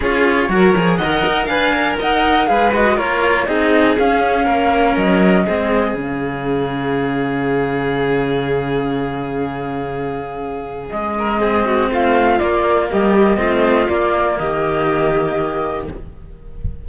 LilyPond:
<<
  \new Staff \with { instrumentName = "flute" } { \time 4/4 \tempo 4 = 121 cis''2 fis''4 gis''4 | fis''4 f''8 dis''8 cis''4 dis''4 | f''2 dis''2 | f''1~ |
f''1~ | f''2 dis''2 | f''4 d''4 dis''2 | d''4 dis''2. | }
  \new Staff \with { instrumentName = "violin" } { \time 4/4 gis'4 ais'4 dis''4 f''4 | dis''4 b'4 ais'4 gis'4~ | gis'4 ais'2 gis'4~ | gis'1~ |
gis'1~ | gis'2~ gis'8 ais'8 gis'8 fis'8 | f'2 g'4 f'4~ | f'4 g'2. | }
  \new Staff \with { instrumentName = "cello" } { \time 4/4 f'4 fis'8 gis'8 ais'4 b'8 ais'8~ | ais'4 gis'8 fis'8 f'4 dis'4 | cis'2. c'4 | cis'1~ |
cis'1~ | cis'2. c'4~ | c'4 ais2 c'4 | ais1 | }
  \new Staff \with { instrumentName = "cello" } { \time 4/4 cis'4 fis8 f8 dis8 dis'8 d'4 | dis'4 gis4 ais4 c'4 | cis'4 ais4 fis4 gis4 | cis1~ |
cis1~ | cis2 gis2 | a4 ais4 g4 a4 | ais4 dis2. | }
>>